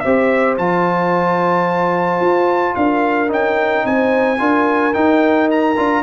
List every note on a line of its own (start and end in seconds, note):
0.00 0.58 C4
0.00 0.59 G4
0.00 2.77 C5
0.00 0.55 E5
0.58 2.21 F3
0.58 3.29 F4
0.58 2.76 A5
2.21 2.75 F4
2.76 3.30 D4
2.76 3.87 A#4
2.76 3.30 F5
3.29 3.85 C#4
3.29 4.38 D#4
3.29 3.87 G5
3.86 4.40 C4
3.86 4.41 C5
3.86 4.94 G#5
4.39 4.95 D4
4.39 4.94 F4
4.39 6.04 A#4
4.94 5.76 D#4
4.94 5.77 D#4
4.94 5.49 G5
5.51 6.04 A#5
5.77 6.04 D4
5.77 6.04 F4